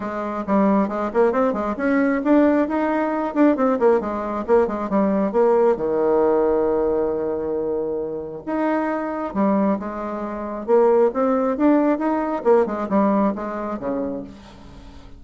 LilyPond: \new Staff \with { instrumentName = "bassoon" } { \time 4/4 \tempo 4 = 135 gis4 g4 gis8 ais8 c'8 gis8 | cis'4 d'4 dis'4. d'8 | c'8 ais8 gis4 ais8 gis8 g4 | ais4 dis2.~ |
dis2. dis'4~ | dis'4 g4 gis2 | ais4 c'4 d'4 dis'4 | ais8 gis8 g4 gis4 cis4 | }